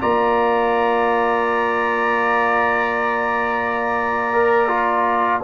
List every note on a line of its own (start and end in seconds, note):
0.00 5.44 A#3
0.00 4.33 F4
0.00 5.43 D5
0.00 5.43 A#5
4.33 4.68 A#4
4.68 5.41 F4